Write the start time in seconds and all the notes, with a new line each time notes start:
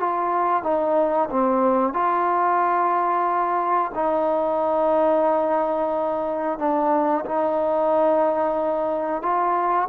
0.00 F4
0.63 D#4
1.30 C4
1.93 F4
3.95 D#4
6.59 D4
7.25 D#4
9.22 F4